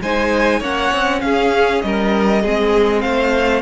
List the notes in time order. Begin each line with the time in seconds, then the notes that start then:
0.00 G#3 D#4 C5 G#5
0.59 A#3 C#4 C#5 F#5
0.92 C4
1.20 C#4 G#4 F5
1.81 G3 A#4 D#5
2.42 G#3 C4 G#4
3.01 A3 C5 F5